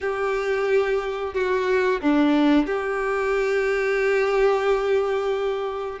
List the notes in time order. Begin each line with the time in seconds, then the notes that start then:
0.01 G4
1.34 F#4
2.01 D4
2.66 G4